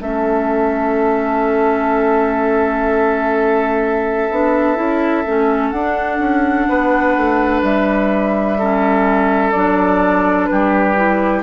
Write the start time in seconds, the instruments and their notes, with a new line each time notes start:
0.00 bassoon A3, clarinet C#4, oboe A4, flute E5
4.30 bassoon B3, clarinet D4
4.75 bassoon C#4, clarinet E4
5.25 bassoon A3, clarinet C#4
5.70 bassoon D4, clarinet D4, flute F#5
6.19 bassoon C#4
6.69 bassoon B3, oboe B4
7.17 bassoon A3
7.62 bassoon G3, flute E5
8.59 clarinet C#4, oboe A4
9.51 bassoon F#3, clarinet D4, flute D5
10.46 bassoon G3, oboe G4, flute B4
10.96 clarinet E4